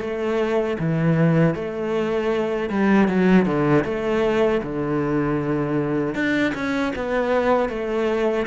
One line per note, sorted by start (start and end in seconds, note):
0.00 0.77 A3
0.79 1.55 E3
1.55 2.69 A3
2.69 3.08 G3
3.08 3.45 F#3
3.45 3.84 D3
3.84 4.61 A3
4.63 6.15 D3
6.15 6.53 D4
6.54 6.93 C#4
6.95 7.69 B3
7.69 8.46 A3